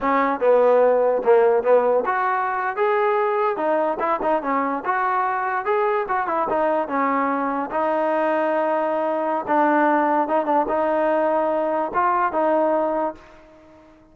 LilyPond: \new Staff \with { instrumentName = "trombone" } { \time 4/4 \tempo 4 = 146 cis'4 b2 ais4 | b4 fis'4.~ fis'16 gis'4~ gis'16~ | gis'8. dis'4 e'8 dis'8 cis'4 fis'16~ | fis'4.~ fis'16 gis'4 fis'8 e'8 dis'16~ |
dis'8. cis'2 dis'4~ dis'16~ | dis'2. d'4~ | d'4 dis'8 d'8 dis'2~ | dis'4 f'4 dis'2 | }